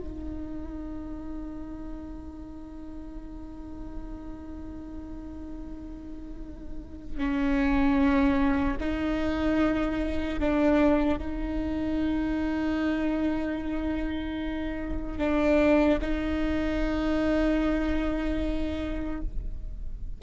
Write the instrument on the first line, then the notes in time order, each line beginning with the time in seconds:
viola
0.00 D#4
7.18 C#4
8.80 D#4
10.40 D4
11.19 D#4
15.19 D4
16.01 D#4